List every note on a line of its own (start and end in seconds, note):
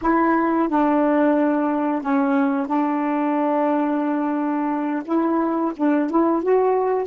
0.01 0.69 E4
0.69 2.02 D4
2.02 2.67 C#4
2.67 5.03 D4
5.05 5.72 E4
5.76 6.09 D4
6.10 6.43 E4
6.43 7.07 F#4